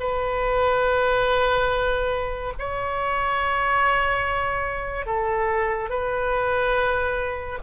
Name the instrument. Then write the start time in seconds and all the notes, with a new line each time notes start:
oboe
0.00 B4
2.59 C#5
5.06 A4
5.90 B4